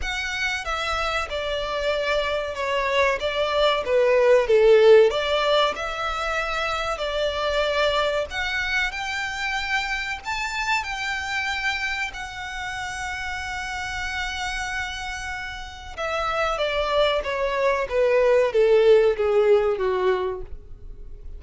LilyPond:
\new Staff \with { instrumentName = "violin" } { \time 4/4 \tempo 4 = 94 fis''4 e''4 d''2 | cis''4 d''4 b'4 a'4 | d''4 e''2 d''4~ | d''4 fis''4 g''2 |
a''4 g''2 fis''4~ | fis''1~ | fis''4 e''4 d''4 cis''4 | b'4 a'4 gis'4 fis'4 | }